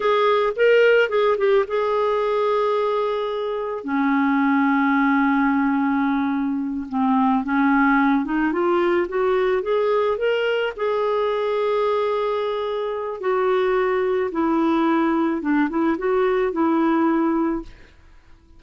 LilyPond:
\new Staff \with { instrumentName = "clarinet" } { \time 4/4 \tempo 4 = 109 gis'4 ais'4 gis'8 g'8 gis'4~ | gis'2. cis'4~ | cis'1~ | cis'8 c'4 cis'4. dis'8 f'8~ |
f'8 fis'4 gis'4 ais'4 gis'8~ | gis'1 | fis'2 e'2 | d'8 e'8 fis'4 e'2 | }